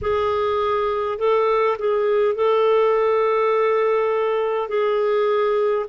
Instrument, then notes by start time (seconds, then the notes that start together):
clarinet
0.01 G#4
1.18 A4
1.78 G#4
2.35 A4
4.68 G#4